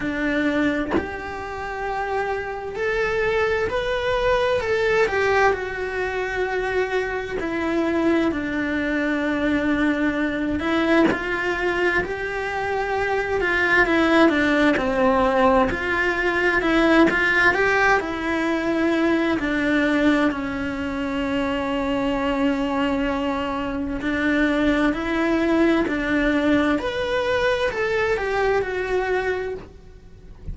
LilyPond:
\new Staff \with { instrumentName = "cello" } { \time 4/4 \tempo 4 = 65 d'4 g'2 a'4 | b'4 a'8 g'8 fis'2 | e'4 d'2~ d'8 e'8 | f'4 g'4. f'8 e'8 d'8 |
c'4 f'4 e'8 f'8 g'8 e'8~ | e'4 d'4 cis'2~ | cis'2 d'4 e'4 | d'4 b'4 a'8 g'8 fis'4 | }